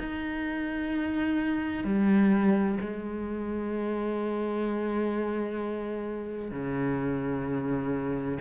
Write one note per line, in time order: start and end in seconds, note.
0.00 1.85 D#4
1.85 2.79 G3
2.81 6.52 G#3
6.52 8.39 C#3